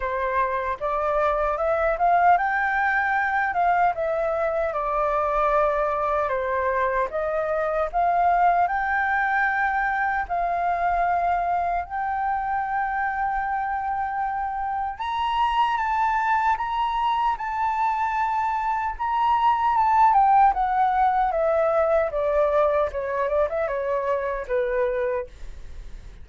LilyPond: \new Staff \with { instrumentName = "flute" } { \time 4/4 \tempo 4 = 76 c''4 d''4 e''8 f''8 g''4~ | g''8 f''8 e''4 d''2 | c''4 dis''4 f''4 g''4~ | g''4 f''2 g''4~ |
g''2. ais''4 | a''4 ais''4 a''2 | ais''4 a''8 g''8 fis''4 e''4 | d''4 cis''8 d''16 e''16 cis''4 b'4 | }